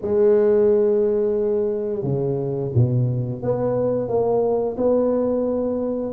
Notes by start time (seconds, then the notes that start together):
0.01 G#3
2.03 C#3
2.74 B2
3.42 B3
4.08 A#3
4.77 B3